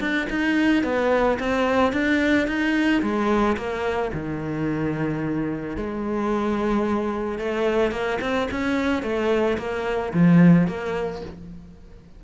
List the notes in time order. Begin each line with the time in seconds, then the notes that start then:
0.00 D4
0.30 D#4
0.84 B3
1.39 C4
1.93 D4
2.47 D#4
3.02 G#3
3.57 A#3
4.13 D#3
5.77 G#3
7.39 A3
7.91 A#3
8.21 C4
8.51 C#4
9.03 A3
9.58 A#3
10.13 F3
10.67 A#3